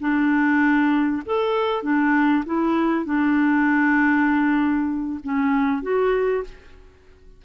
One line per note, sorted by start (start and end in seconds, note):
0.00 1.22 D4
1.26 1.83 A4
1.83 2.44 D4
2.46 3.05 E4
3.05 5.20 D4
5.24 5.82 C#4
5.82 6.44 F#4